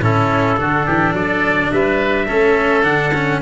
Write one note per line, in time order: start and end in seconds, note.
0.00 0.57 A2
0.00 0.56 C#4
0.00 0.59 E4
0.00 1.15 A4
0.56 0.87 D3
0.56 2.26 D4
0.56 0.85 F#4
0.85 1.12 E3
0.85 1.14 G4
1.12 1.69 F#3
1.12 1.70 A4
1.12 1.71 D5
1.72 2.29 G3
1.72 2.27 B4
1.72 2.83 E5
2.27 2.83 A3
2.27 2.83 C#4
2.27 3.40 A4
2.83 3.40 D3
2.83 3.12 D4
2.83 3.39 F#5
3.13 3.42 C#4